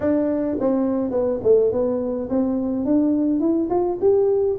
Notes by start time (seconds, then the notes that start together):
0.00 D4
0.60 C4
1.10 B3
1.43 A3
1.72 B3
2.29 C4
2.85 D4
3.39 E4
3.69 F4
4.00 G4